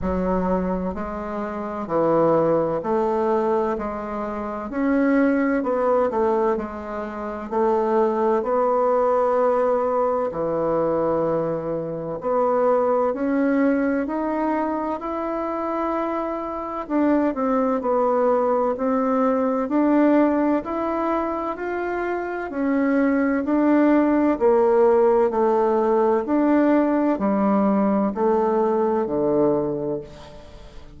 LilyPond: \new Staff \with { instrumentName = "bassoon" } { \time 4/4 \tempo 4 = 64 fis4 gis4 e4 a4 | gis4 cis'4 b8 a8 gis4 | a4 b2 e4~ | e4 b4 cis'4 dis'4 |
e'2 d'8 c'8 b4 | c'4 d'4 e'4 f'4 | cis'4 d'4 ais4 a4 | d'4 g4 a4 d4 | }